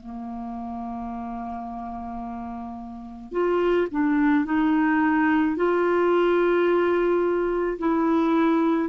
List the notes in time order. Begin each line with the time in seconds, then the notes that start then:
0.00 A#3
3.32 F4
3.91 D4
4.45 D#4
5.57 F4
7.79 E4